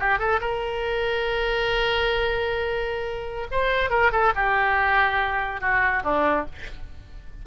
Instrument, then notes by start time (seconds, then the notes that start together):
oboe
0.00 G4
0.19 A4
0.41 A#4
3.51 C5
3.90 A#4
4.12 A4
4.36 G4
5.61 F#4
6.04 D4